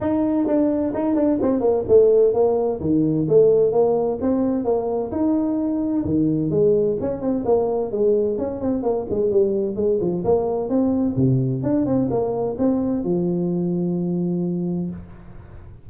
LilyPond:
\new Staff \with { instrumentName = "tuba" } { \time 4/4 \tempo 4 = 129 dis'4 d'4 dis'8 d'8 c'8 ais8 | a4 ais4 dis4 a4 | ais4 c'4 ais4 dis'4~ | dis'4 dis4 gis4 cis'8 c'8 |
ais4 gis4 cis'8 c'8 ais8 gis8 | g4 gis8 f8 ais4 c'4 | c4 d'8 c'8 ais4 c'4 | f1 | }